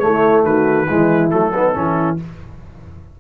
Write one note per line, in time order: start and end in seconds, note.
0.00 0.87 A3
0.00 0.46 E4
0.00 0.43 C#5
0.06 0.44 A3
0.44 0.88 D#3
0.44 0.88 F#4
0.44 1.31 B4
0.88 1.33 E3
0.88 1.31 G#3
0.88 1.53 E4
1.31 1.76 F#3
1.31 1.53 A3
1.31 2.17 A4
1.54 1.74 B3
1.54 1.77 D#4
1.74 2.20 E3
1.74 2.17 C#4
1.74 2.20 E4